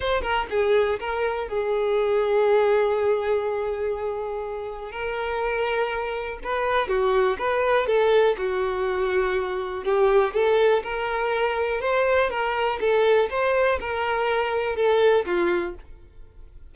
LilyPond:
\new Staff \with { instrumentName = "violin" } { \time 4/4 \tempo 4 = 122 c''8 ais'8 gis'4 ais'4 gis'4~ | gis'1~ | gis'2 ais'2~ | ais'4 b'4 fis'4 b'4 |
a'4 fis'2. | g'4 a'4 ais'2 | c''4 ais'4 a'4 c''4 | ais'2 a'4 f'4 | }